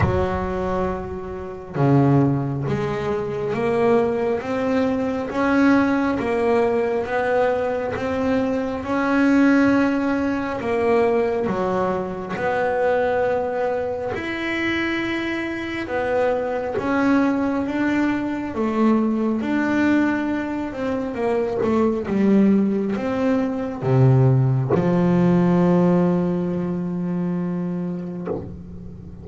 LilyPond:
\new Staff \with { instrumentName = "double bass" } { \time 4/4 \tempo 4 = 68 fis2 cis4 gis4 | ais4 c'4 cis'4 ais4 | b4 c'4 cis'2 | ais4 fis4 b2 |
e'2 b4 cis'4 | d'4 a4 d'4. c'8 | ais8 a8 g4 c'4 c4 | f1 | }